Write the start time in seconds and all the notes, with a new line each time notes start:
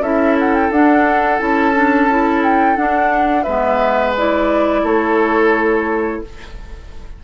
0.00 C#4 E4 A4 E5
0.39 F#5
0.54 G5
0.71 D4 F#5
1.39 C#4 E4 A5
1.74 D4
2.09 E4
2.43 G5
2.76 D4 F#5
3.43 G#3 B3 B4 E5
4.17 E4 D5
4.83 A3 A4 C#5